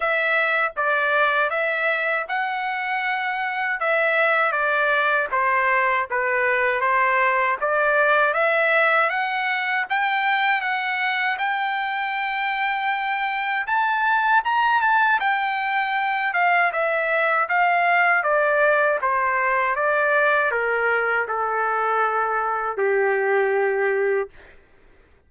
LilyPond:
\new Staff \with { instrumentName = "trumpet" } { \time 4/4 \tempo 4 = 79 e''4 d''4 e''4 fis''4~ | fis''4 e''4 d''4 c''4 | b'4 c''4 d''4 e''4 | fis''4 g''4 fis''4 g''4~ |
g''2 a''4 ais''8 a''8 | g''4. f''8 e''4 f''4 | d''4 c''4 d''4 ais'4 | a'2 g'2 | }